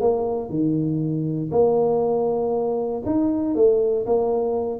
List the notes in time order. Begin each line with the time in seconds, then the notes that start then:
0.00 A#3
0.49 D#3
1.51 A#3
3.05 D#4
3.55 A3
4.06 A#3